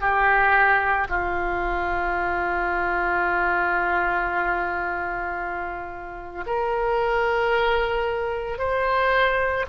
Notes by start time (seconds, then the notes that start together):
0.00 G4
1.09 F4
6.46 A#4
8.58 C5